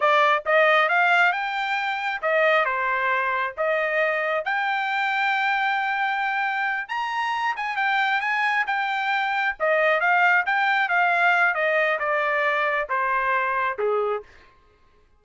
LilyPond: \new Staff \with { instrumentName = "trumpet" } { \time 4/4 \tempo 4 = 135 d''4 dis''4 f''4 g''4~ | g''4 dis''4 c''2 | dis''2 g''2~ | g''2.~ g''8 ais''8~ |
ais''4 gis''8 g''4 gis''4 g''8~ | g''4. dis''4 f''4 g''8~ | g''8 f''4. dis''4 d''4~ | d''4 c''2 gis'4 | }